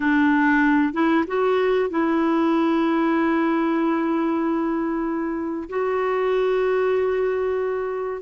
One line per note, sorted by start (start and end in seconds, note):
0.00 0.93 D4
0.93 1.25 E4
1.27 1.89 F#4
1.89 5.68 E4
5.69 8.21 F#4